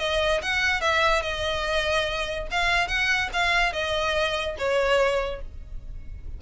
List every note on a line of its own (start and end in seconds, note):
0.00 0.42 D#5
0.43 0.81 F#5
0.81 1.23 E5
1.23 2.48 D#5
2.52 2.88 F5
2.88 3.30 F#5
3.33 3.73 F5
3.73 4.56 D#5
4.59 5.42 C#5